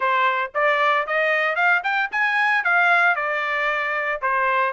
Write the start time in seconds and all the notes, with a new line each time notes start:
0.00 C5
0.54 D5
1.06 D#5
1.55 F5
1.83 G5
2.11 G#5
2.64 F5
3.15 D5
4.21 C5